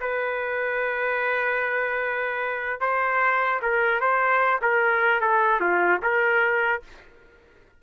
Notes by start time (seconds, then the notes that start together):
0.00 B4
2.80 C5
3.62 A#4
4.00 C5
4.61 A#4
5.21 A4
5.60 F4
6.02 A#4